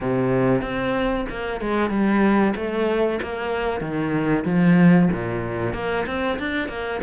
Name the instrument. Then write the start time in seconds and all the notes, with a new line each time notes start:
cello
0.00 C3
0.61 C4
1.29 A#3
1.60 G#3
1.90 G3
2.55 A3
3.22 A#3
3.80 D#3
4.44 F3
5.12 A#2
5.73 A#3
6.06 C4
6.38 D4
6.68 A#3